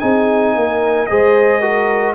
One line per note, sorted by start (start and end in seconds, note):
0.00 0.56 C4
0.00 1.07 D#4
0.00 0.55 G#4
0.00 1.06 G#5
0.56 1.09 A#3
0.56 1.11 A#4
1.06 2.15 G#3
1.06 1.62 G#4
1.06 1.61 C5
1.06 2.14 D#5
1.61 2.15 F#4
1.61 2.15 A#4